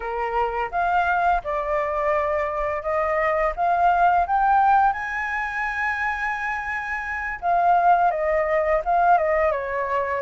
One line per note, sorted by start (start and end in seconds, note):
0.00 0.70 A#4
0.71 1.41 F5
1.43 2.82 D5
2.82 3.53 D#5
3.56 4.26 F5
4.26 4.92 G5
4.92 7.39 G#5
7.41 8.10 F5
8.10 8.81 D#5
8.84 9.17 F5
9.17 9.51 D#5
9.51 10.21 C#5